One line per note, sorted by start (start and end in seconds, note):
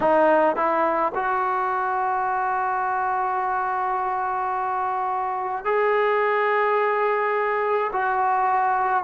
0.00 0.56 D#4
0.56 1.12 E4
1.14 5.64 F#4
5.64 7.91 G#4
7.92 9.03 F#4